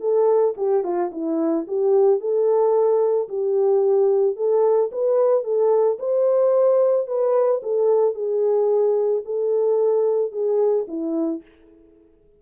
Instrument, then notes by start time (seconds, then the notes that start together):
horn
0.00 A4
0.57 G4
0.83 F4
1.12 E4
1.67 G4
2.20 A4
3.28 G4
4.36 A4
4.92 B4
5.43 A4
5.99 C5
7.06 B4
7.62 A4
8.14 G#4
9.25 A4
10.31 G#4
10.87 E4